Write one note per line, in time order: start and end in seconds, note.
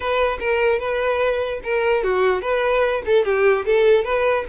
0.00 0.38 B4
0.39 0.79 A#4
0.79 1.60 B4
1.63 2.03 A#4
2.03 2.41 F#4
2.41 3.02 B4
3.05 3.24 A4
3.24 3.65 G4
3.65 4.04 A4
4.04 4.45 B4